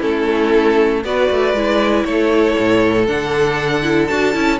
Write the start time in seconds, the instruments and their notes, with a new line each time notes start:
0.00 cello A3, viola C#4, violin E4 A4
1.04 cello B3, viola F#4, violin B4 D5
1.30 cello A3
1.53 cello G#3, viola E4
2.05 cello A3, violin A4 C#5
2.59 cello A2
3.08 cello D3, viola D4, violin F#5
3.83 viola E4
4.07 cello D4, viola F#4, violin A5
4.34 cello C#4, viola E4